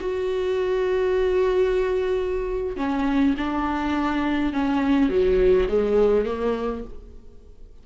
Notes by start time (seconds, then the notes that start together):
0.00 F#4
2.76 C#4
3.37 D4
4.53 C#4
5.09 F#3
5.68 G#3
6.25 A#3